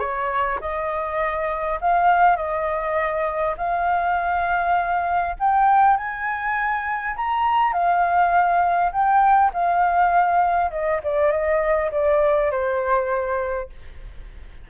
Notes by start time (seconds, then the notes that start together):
0.00 C#5
0.61 D#5
1.81 F5
2.37 D#5
3.58 F5
5.40 G5
5.97 G#5
7.16 A#5
7.73 F5
8.92 G5
9.54 F5
10.71 D#5
11.04 D5
11.32 D#5
11.92 D5
12.51 C5